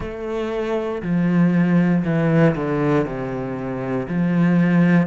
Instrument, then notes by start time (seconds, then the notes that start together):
cello
0.00 A3
1.02 F3
2.04 E3
2.55 D3
3.05 C3
4.08 F3